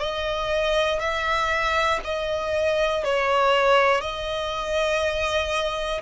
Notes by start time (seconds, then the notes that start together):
0.00 D#5
1.00 E5
2.04 D#5
3.04 C#5
4.01 D#5